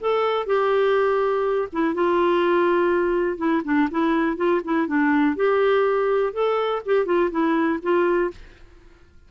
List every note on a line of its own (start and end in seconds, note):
0.00 0.46 A4
0.46 1.68 G4
1.72 1.94 E4
1.94 3.37 F4
3.37 3.62 E4
3.64 3.88 D4
3.90 4.36 E4
4.36 4.61 F4
4.64 4.87 E4
4.87 5.36 D4
5.36 6.33 G4
6.33 6.82 A4
6.85 7.05 G4
7.05 7.29 F4
7.31 7.79 E4
7.82 8.31 F4